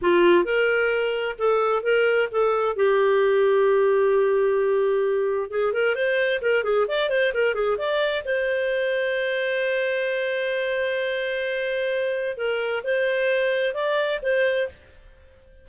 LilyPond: \new Staff \with { instrumentName = "clarinet" } { \time 4/4 \tempo 4 = 131 f'4 ais'2 a'4 | ais'4 a'4 g'2~ | g'1 | gis'8 ais'8 c''4 ais'8 gis'8 d''8 c''8 |
ais'8 gis'8 d''4 c''2~ | c''1~ | c''2. ais'4 | c''2 d''4 c''4 | }